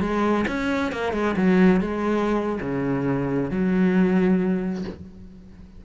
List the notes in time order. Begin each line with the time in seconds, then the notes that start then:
0.00 G#3
0.47 C#4
0.92 A#3
1.13 G#3
1.36 F#3
1.81 G#3
2.61 C#3
3.50 F#3